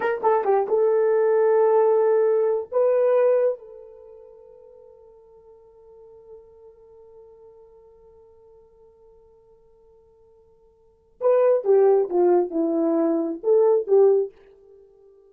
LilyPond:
\new Staff \with { instrumentName = "horn" } { \time 4/4 \tempo 4 = 134 ais'8 a'8 g'8 a'2~ a'8~ | a'2 b'2 | a'1~ | a'1~ |
a'1~ | a'1~ | a'4 b'4 g'4 f'4 | e'2 a'4 g'4 | }